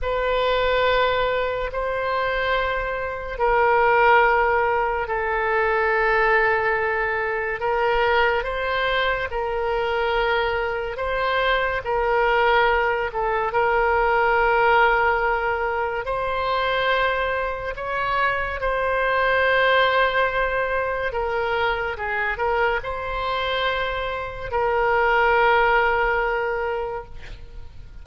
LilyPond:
\new Staff \with { instrumentName = "oboe" } { \time 4/4 \tempo 4 = 71 b'2 c''2 | ais'2 a'2~ | a'4 ais'4 c''4 ais'4~ | ais'4 c''4 ais'4. a'8 |
ais'2. c''4~ | c''4 cis''4 c''2~ | c''4 ais'4 gis'8 ais'8 c''4~ | c''4 ais'2. | }